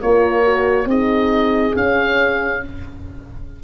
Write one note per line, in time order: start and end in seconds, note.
0.00 0.85 A#3
0.00 0.43 F4
0.00 0.87 A#4
0.00 0.88 C#5
0.43 0.86 F#4
0.85 1.72 C4
0.85 1.73 D#4
0.85 2.62 G#4
0.85 1.76 D#5
1.73 2.60 C#4
1.73 2.62 C#4
1.73 2.63 F5